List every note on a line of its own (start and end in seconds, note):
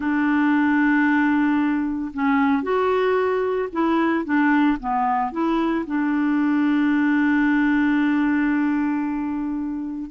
0.00 2.11 D4
2.13 2.62 C#4
2.62 3.69 F#4
3.72 4.24 E4
4.24 4.77 D4
4.80 5.32 B3
5.32 5.85 E4
5.86 10.10 D4